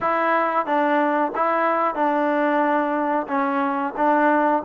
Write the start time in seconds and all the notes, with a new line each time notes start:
0.00 E4
0.66 D4
1.35 E4
1.95 D4
3.27 C#4
3.97 D4